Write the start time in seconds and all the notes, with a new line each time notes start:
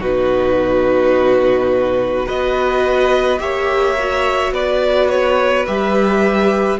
0.00 B2 D#4 F#4 B4
2.26 B3 F#4 B4 D#5
3.39 A#3 G4 C#5 E5
3.99 F#4
4.51 B3 B4 D5
5.09 C#5
5.67 G3 G4 E5